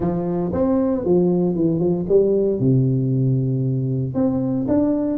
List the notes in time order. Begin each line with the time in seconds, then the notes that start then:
0.00 F3
0.53 C4
1.05 F3
1.55 E3
1.79 F3
2.09 G3
2.59 C3
4.14 C4
4.68 D4